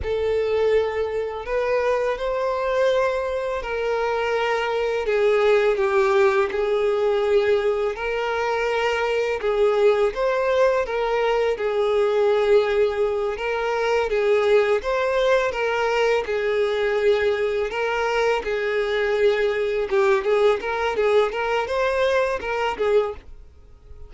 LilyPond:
\new Staff \with { instrumentName = "violin" } { \time 4/4 \tempo 4 = 83 a'2 b'4 c''4~ | c''4 ais'2 gis'4 | g'4 gis'2 ais'4~ | ais'4 gis'4 c''4 ais'4 |
gis'2~ gis'8 ais'4 gis'8~ | gis'8 c''4 ais'4 gis'4.~ | gis'8 ais'4 gis'2 g'8 | gis'8 ais'8 gis'8 ais'8 c''4 ais'8 gis'8 | }